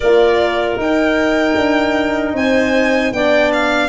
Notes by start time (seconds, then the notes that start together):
0.00 A#3 F4 A#4 D5
0.76 D#4 G5
1.56 D4
2.33 C4 C5 G#5
3.11 B3 D4 D5 G5
3.53 F5